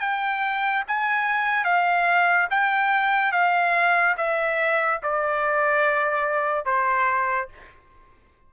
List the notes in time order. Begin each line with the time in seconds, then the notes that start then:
0.00 G5
0.88 G#5
1.64 F5
2.51 G5
3.32 F5
4.17 E5
5.03 D5
6.65 C5